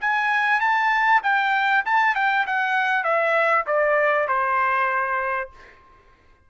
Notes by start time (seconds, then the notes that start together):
0.00 G#5
0.60 A5
1.23 G5
1.85 A5
2.15 G5
2.46 F#5
3.04 E5
3.66 D5
4.27 C5